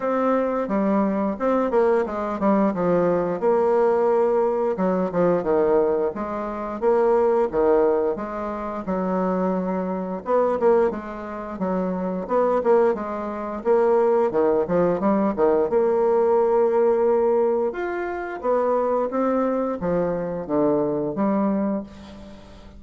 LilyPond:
\new Staff \with { instrumentName = "bassoon" } { \time 4/4 \tempo 4 = 88 c'4 g4 c'8 ais8 gis8 g8 | f4 ais2 fis8 f8 | dis4 gis4 ais4 dis4 | gis4 fis2 b8 ais8 |
gis4 fis4 b8 ais8 gis4 | ais4 dis8 f8 g8 dis8 ais4~ | ais2 f'4 b4 | c'4 f4 d4 g4 | }